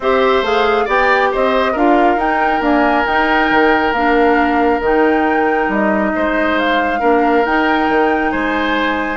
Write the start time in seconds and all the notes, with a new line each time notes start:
0.00 C4 G4 C5 E5
0.42 A3 G#4 F5
0.84 B3 G4 D5 G5
1.32 C4 C5 D#5
1.72 D4 F4 A#4 F5
2.16 D#4 G5
2.60 A#3 D4 G#5
3.04 D#4 G5
3.50 D#3
3.92 A#3 D4 F5
4.80 D#3 D#4 G5
5.68 G3 D#5
6.15 G#3 C5
6.58 F5
6.99 A#3 D4 A#4
7.45 D#4 G5
7.88 D#3
8.31 G#3 C5 G#5